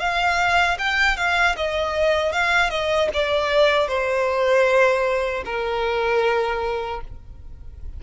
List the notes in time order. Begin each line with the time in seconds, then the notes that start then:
0.00 F5
0.79 G5
1.17 F5
1.57 D#5
2.33 F5
2.71 D#5
3.14 D5
3.89 C5
5.45 A#4